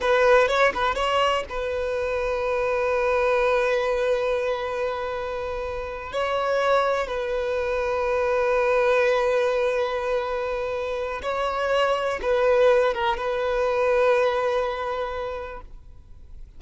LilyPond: \new Staff \with { instrumentName = "violin" } { \time 4/4 \tempo 4 = 123 b'4 cis''8 b'8 cis''4 b'4~ | b'1~ | b'1~ | b'8 cis''2 b'4.~ |
b'1~ | b'2. cis''4~ | cis''4 b'4. ais'8 b'4~ | b'1 | }